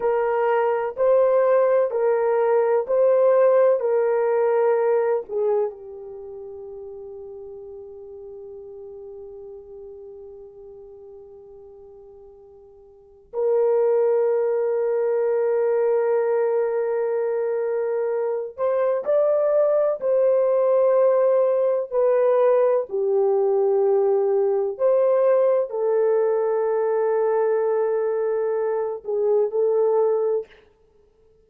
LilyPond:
\new Staff \with { instrumentName = "horn" } { \time 4/4 \tempo 4 = 63 ais'4 c''4 ais'4 c''4 | ais'4. gis'8 g'2~ | g'1~ | g'2 ais'2~ |
ais'2.~ ais'8 c''8 | d''4 c''2 b'4 | g'2 c''4 a'4~ | a'2~ a'8 gis'8 a'4 | }